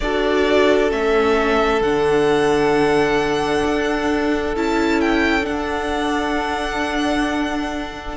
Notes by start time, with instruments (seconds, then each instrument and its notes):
0.00 cello D4, viola F#4, violin A4 D5
0.90 cello A3, viola C#4, violin E5
1.80 cello D3, viola D4, violin F#5
3.65 cello D4
4.55 cello C#4, viola E4, violin A5
5.00 violin G5
5.42 viola D4, cello D4, violin F#5